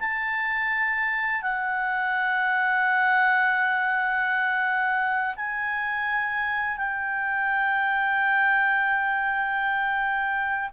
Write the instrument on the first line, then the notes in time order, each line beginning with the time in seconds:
clarinet
0.00 A5
1.42 F#5
5.36 G#5
6.77 G5